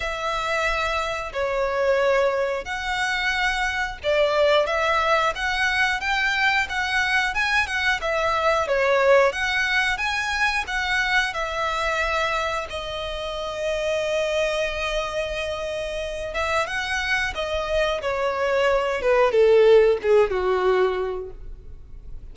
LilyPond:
\new Staff \with { instrumentName = "violin" } { \time 4/4 \tempo 4 = 90 e''2 cis''2 | fis''2 d''4 e''4 | fis''4 g''4 fis''4 gis''8 fis''8 | e''4 cis''4 fis''4 gis''4 |
fis''4 e''2 dis''4~ | dis''1~ | dis''8 e''8 fis''4 dis''4 cis''4~ | cis''8 b'8 a'4 gis'8 fis'4. | }